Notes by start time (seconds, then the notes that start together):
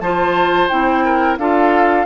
0.00 F3 F4 C5 A5
0.69 C4 E4 G5
1.05 A#4
1.38 D4 F4 A4 F5